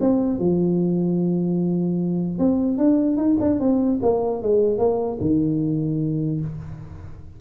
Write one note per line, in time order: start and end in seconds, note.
0.00 0.39 C4
0.39 2.38 F3
2.38 2.78 C4
2.78 3.17 D4
3.17 3.37 D#4
3.40 3.60 D4
3.60 4.00 C4
4.02 4.42 A#3
4.42 4.78 G#3
4.78 5.18 A#3
5.20 6.40 D#3